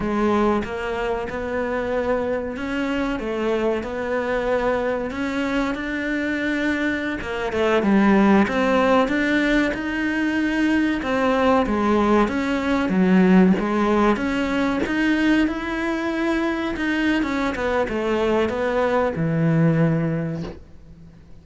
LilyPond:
\new Staff \with { instrumentName = "cello" } { \time 4/4 \tempo 4 = 94 gis4 ais4 b2 | cis'4 a4 b2 | cis'4 d'2~ d'16 ais8 a16~ | a16 g4 c'4 d'4 dis'8.~ |
dis'4~ dis'16 c'4 gis4 cis'8.~ | cis'16 fis4 gis4 cis'4 dis'8.~ | dis'16 e'2 dis'8. cis'8 b8 | a4 b4 e2 | }